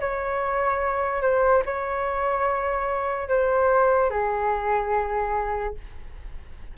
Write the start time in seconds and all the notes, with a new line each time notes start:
0.00 C#5
1.21 C5
1.65 C#5
3.28 C5
4.10 G#4